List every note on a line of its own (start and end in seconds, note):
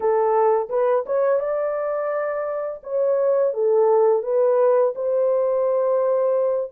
0.00 0.68 A4
0.69 1.04 B4
1.06 1.39 C#5
1.39 2.80 D5
2.83 3.53 C#5
3.53 4.23 A4
4.23 4.93 B4
4.95 6.71 C5